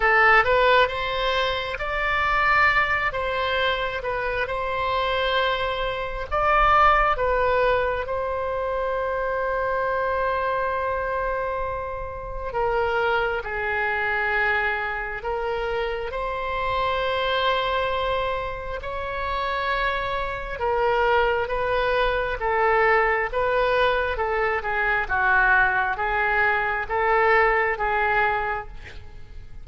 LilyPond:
\new Staff \with { instrumentName = "oboe" } { \time 4/4 \tempo 4 = 67 a'8 b'8 c''4 d''4. c''8~ | c''8 b'8 c''2 d''4 | b'4 c''2.~ | c''2 ais'4 gis'4~ |
gis'4 ais'4 c''2~ | c''4 cis''2 ais'4 | b'4 a'4 b'4 a'8 gis'8 | fis'4 gis'4 a'4 gis'4 | }